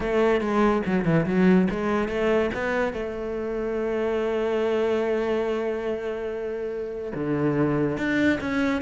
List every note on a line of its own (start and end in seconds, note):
0.00 0.40 A3
0.40 0.82 G#3
0.86 1.04 F#3
1.04 1.25 E3
1.26 1.68 F#3
1.70 2.08 G#3
2.08 2.50 A3
2.54 2.93 B3
2.93 7.12 A3
7.14 7.97 D3
7.97 8.39 D4
8.40 8.81 C#4